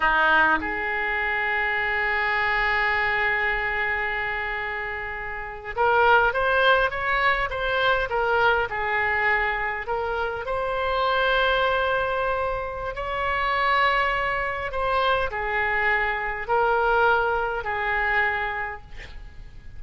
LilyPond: \new Staff \with { instrumentName = "oboe" } { \time 4/4 \tempo 4 = 102 dis'4 gis'2.~ | gis'1~ | gis'4.~ gis'16 ais'4 c''4 cis''16~ | cis''8. c''4 ais'4 gis'4~ gis'16~ |
gis'8. ais'4 c''2~ c''16~ | c''2 cis''2~ | cis''4 c''4 gis'2 | ais'2 gis'2 | }